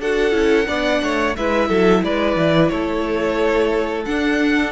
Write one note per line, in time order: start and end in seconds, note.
0.00 0.32 D4
0.00 0.32 F#4
0.00 0.68 A4
0.00 1.35 F#5
0.32 0.66 C#4
0.32 0.65 E4
0.67 1.01 B3
0.67 1.34 D4
0.67 1.01 D5
1.02 1.36 A3
1.02 1.37 C#5
1.36 1.69 G#3
1.36 4.06 E4
1.36 1.68 B4
1.36 2.03 E5
1.68 2.03 F#3
1.68 2.02 A4
2.03 2.36 G#3
2.03 2.71 B4
2.03 2.68 D5
2.36 2.69 E3
2.68 4.06 A3
2.68 4.71 A4
2.68 4.03 C#5
4.05 4.71 D4
4.05 4.71 F#5